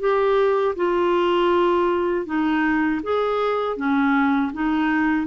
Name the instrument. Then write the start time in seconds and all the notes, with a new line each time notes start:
clarinet
0.00 G4
0.76 F4
2.26 D#4
3.03 G#4
3.77 C#4
4.53 D#4